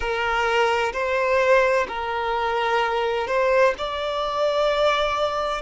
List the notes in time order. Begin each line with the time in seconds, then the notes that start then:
0.00 A#4
0.92 C5
1.87 A#4
3.27 C5
3.78 D5